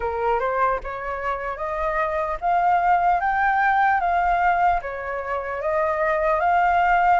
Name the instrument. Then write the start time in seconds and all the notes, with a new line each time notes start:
flute
0.00 A#4
0.39 C5
0.83 C#5
1.57 D#5
2.40 F5
3.20 G5
4.00 F5
4.81 C#5
5.61 D#5
6.40 F5